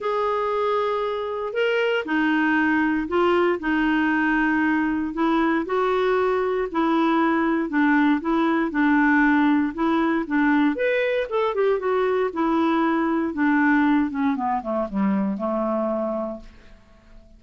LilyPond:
\new Staff \with { instrumentName = "clarinet" } { \time 4/4 \tempo 4 = 117 gis'2. ais'4 | dis'2 f'4 dis'4~ | dis'2 e'4 fis'4~ | fis'4 e'2 d'4 |
e'4 d'2 e'4 | d'4 b'4 a'8 g'8 fis'4 | e'2 d'4. cis'8 | b8 a8 g4 a2 | }